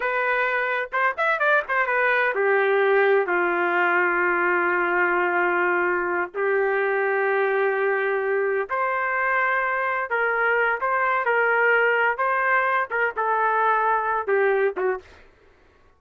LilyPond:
\new Staff \with { instrumentName = "trumpet" } { \time 4/4 \tempo 4 = 128 b'2 c''8 e''8 d''8 c''8 | b'4 g'2 f'4~ | f'1~ | f'4. g'2~ g'8~ |
g'2~ g'8 c''4.~ | c''4. ais'4. c''4 | ais'2 c''4. ais'8 | a'2~ a'8 g'4 fis'8 | }